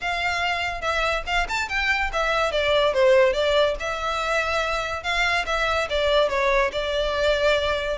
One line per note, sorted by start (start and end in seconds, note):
0.01 0.81 F5
0.81 1.23 E5
1.26 1.47 F5
1.48 1.69 A5
1.69 2.11 G5
2.12 2.51 E5
2.51 2.93 D5
2.93 3.33 C5
3.33 3.75 D5
3.79 5.03 E5
5.03 5.45 F5
5.46 5.88 E5
5.89 6.29 D5
6.29 6.71 C#5
6.71 7.97 D5